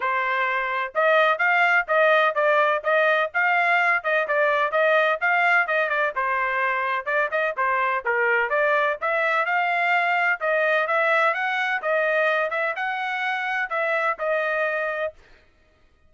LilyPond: \new Staff \with { instrumentName = "trumpet" } { \time 4/4 \tempo 4 = 127 c''2 dis''4 f''4 | dis''4 d''4 dis''4 f''4~ | f''8 dis''8 d''4 dis''4 f''4 | dis''8 d''8 c''2 d''8 dis''8 |
c''4 ais'4 d''4 e''4 | f''2 dis''4 e''4 | fis''4 dis''4. e''8 fis''4~ | fis''4 e''4 dis''2 | }